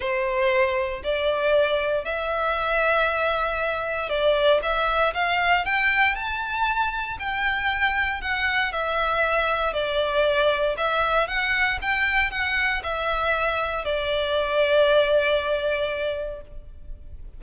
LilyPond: \new Staff \with { instrumentName = "violin" } { \time 4/4 \tempo 4 = 117 c''2 d''2 | e''1 | d''4 e''4 f''4 g''4 | a''2 g''2 |
fis''4 e''2 d''4~ | d''4 e''4 fis''4 g''4 | fis''4 e''2 d''4~ | d''1 | }